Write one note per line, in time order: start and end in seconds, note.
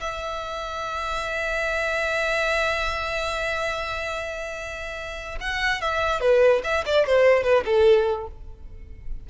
0.00 5.38 E5
5.40 5.81 F#5
5.81 6.20 E5
6.20 6.62 B4
6.63 6.84 E5
6.85 7.06 D5
7.06 7.43 C5
7.43 7.64 B4
7.65 8.27 A4